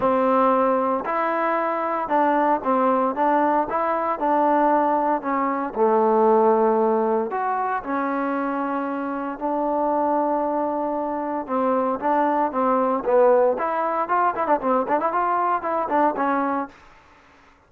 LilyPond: \new Staff \with { instrumentName = "trombone" } { \time 4/4 \tempo 4 = 115 c'2 e'2 | d'4 c'4 d'4 e'4 | d'2 cis'4 a4~ | a2 fis'4 cis'4~ |
cis'2 d'2~ | d'2 c'4 d'4 | c'4 b4 e'4 f'8 e'16 d'16 | c'8 d'16 e'16 f'4 e'8 d'8 cis'4 | }